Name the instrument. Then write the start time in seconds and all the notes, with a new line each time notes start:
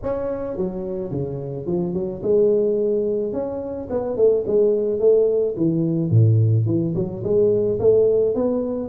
tuba
0.02 C#4
0.56 F#3
1.11 C#3
1.66 F3
1.93 F#3
2.22 G#3
3.32 C#4
3.90 B3
4.16 A3
4.46 G#3
4.99 A3
5.57 E3
6.10 A2
6.66 E3
6.95 F#3
7.23 G#3
7.79 A3
8.34 B3